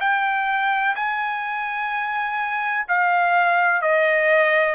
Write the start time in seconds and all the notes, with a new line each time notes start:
0.00 G5
0.95 G#5
2.88 F5
3.81 D#5